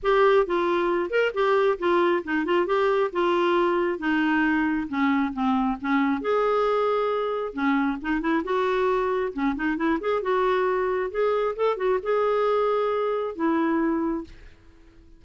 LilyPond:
\new Staff \with { instrumentName = "clarinet" } { \time 4/4 \tempo 4 = 135 g'4 f'4. ais'8 g'4 | f'4 dis'8 f'8 g'4 f'4~ | f'4 dis'2 cis'4 | c'4 cis'4 gis'2~ |
gis'4 cis'4 dis'8 e'8 fis'4~ | fis'4 cis'8 dis'8 e'8 gis'8 fis'4~ | fis'4 gis'4 a'8 fis'8 gis'4~ | gis'2 e'2 | }